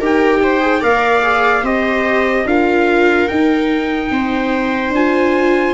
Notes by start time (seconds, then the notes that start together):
0.00 D#4 G4 A#4 G5
0.43 C5
0.61 G#4
0.81 A#3 A#4 D5 F5
1.22 G#4
1.63 C4 G4 C5 D#5
2.46 D4 F4 A#4 F5
3.28 D#4 G5
4.11 C4 C5
4.90 D4 F4 G#5